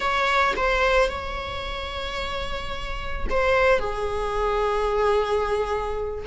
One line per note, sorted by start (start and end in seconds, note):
0.00 0.53 C#5
0.56 1.08 C5
1.08 3.27 C#5
3.30 3.79 C5
3.79 6.25 G#4